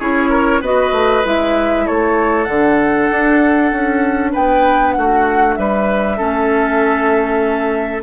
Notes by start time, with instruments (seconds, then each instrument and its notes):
0.00 bassoon C#4, clarinet E4, oboe G#4, flute C#5
0.30 oboe A#4
0.61 bassoon B3, clarinet F#4, oboe B4, flute D#5
0.92 bassoon A3
1.24 bassoon G#3, clarinet E4, flute E5
1.87 bassoon A3, oboe A4, flute C#5
2.45 bassoon D3, clarinet D4, flute F#5
3.11 bassoon D4
3.72 bassoon C#4
4.33 bassoon B3, oboe B4, flute G5
4.92 bassoon A3, oboe F#4, flute F#5
5.55 bassoon G3, oboe B4, flute E5
6.18 bassoon A3, clarinet C#4, oboe A4